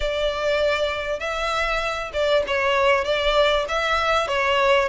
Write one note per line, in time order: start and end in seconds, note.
0.00 1.19 D5
1.19 2.11 E5
2.13 2.43 D5
2.47 3.04 C#5
3.04 3.65 D5
3.68 4.27 E5
4.27 4.88 C#5